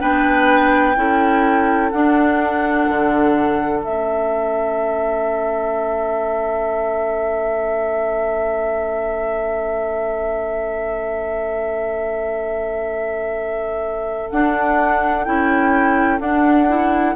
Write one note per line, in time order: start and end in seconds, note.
0.00 0.96 B3
0.00 0.95 D4
0.00 0.96 B4
0.00 1.91 G5
0.96 1.92 C#4
0.96 1.92 E4
0.96 17.16 A4
1.91 2.89 D4
1.91 3.84 D4
1.91 3.81 F#5
2.89 3.83 D3
3.83 14.31 A3
3.83 14.32 C#4
3.83 14.31 E5
14.31 15.27 D4
14.31 15.26 D4
14.31 15.25 F#5
15.25 16.20 C#4
15.25 16.19 E4
15.25 16.20 G5
16.19 16.67 D4
16.19 17.15 D4
16.19 17.16 F#5
16.68 17.16 E4